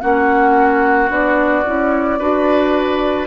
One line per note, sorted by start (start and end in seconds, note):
0.00 1.09 A#3
0.00 1.08 C#4
0.00 2.18 F#4
0.00 1.09 F#5
1.08 1.64 B3
1.08 1.63 D4
1.08 3.26 D5
1.65 2.19 C#4
1.65 2.19 E4
2.18 3.26 D4
2.18 3.26 F#4
2.18 3.26 B4